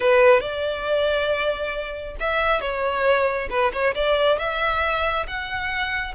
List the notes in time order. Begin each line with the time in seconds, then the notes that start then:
0.00 B4
0.40 D5
2.19 E5
2.60 C#5
3.50 B4
3.72 C#5
3.95 D5
4.38 E5
5.27 F#5